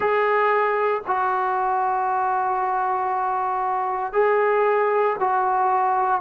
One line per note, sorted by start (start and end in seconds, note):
0.00 1.02 G#4
1.06 4.12 F#4
4.12 5.16 G#4
5.20 6.21 F#4